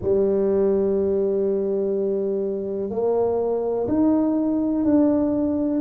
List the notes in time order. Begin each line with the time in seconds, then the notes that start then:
0.01 G3
2.90 A#3
3.88 D#4
4.84 D4